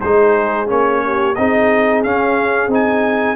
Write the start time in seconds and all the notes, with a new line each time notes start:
0.00 G#3 D#4 G#4 C5
0.66 A#3 C#4 C#5
1.04 G4
1.35 C4 D#4 G#4 D#5
2.03 C#4 F5
2.68 C4 D#4 G#5